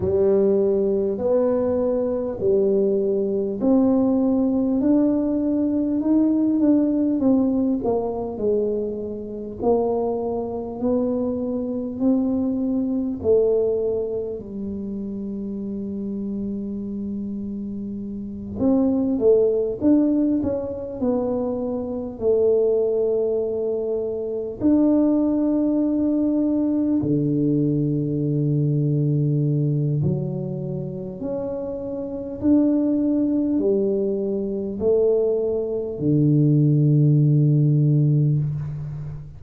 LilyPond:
\new Staff \with { instrumentName = "tuba" } { \time 4/4 \tempo 4 = 50 g4 b4 g4 c'4 | d'4 dis'8 d'8 c'8 ais8 gis4 | ais4 b4 c'4 a4 | g2.~ g8 c'8 |
a8 d'8 cis'8 b4 a4.~ | a8 d'2 d4.~ | d4 fis4 cis'4 d'4 | g4 a4 d2 | }